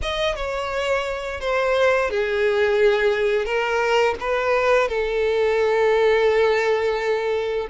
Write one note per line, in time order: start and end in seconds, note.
0.02 0.35 D#5
0.35 1.40 C#5
1.40 2.10 C5
2.10 3.45 G#4
3.45 4.14 A#4
4.20 4.88 B4
4.88 7.67 A4